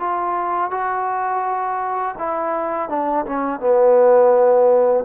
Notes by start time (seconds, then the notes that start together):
0.00 F4
0.71 F#4
2.19 E4
2.89 D4
3.26 C#4
3.60 B3